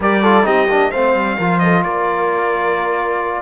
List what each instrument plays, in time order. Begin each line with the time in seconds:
0.00 cello G3, trombone G4, horn A#4, trumpet D5
0.22 trombone F4, horn A4
0.43 cello C4, trombone D#4, horn G4, trumpet D#5
0.68 cello A#3, trombone D4
0.90 cello A3, trombone C4, horn C5, trumpet F5
1.14 cello G3
1.37 cello F3, trombone F4, horn A#4
1.59 horn A4, trumpet D#5
1.83 cello A#3, horn A#4, trumpet D5